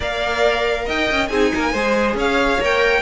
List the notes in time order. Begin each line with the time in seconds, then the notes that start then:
0.00 A#3 A#4 D5 F5
0.85 D#4 D#5 G5
1.11 C#4
1.27 C4 D#4 G#4 G#5
1.54 A#3 A#4
1.72 G#3 G#4 C5
2.14 C#4 C#5 F5
2.59 A#3 A#4 G5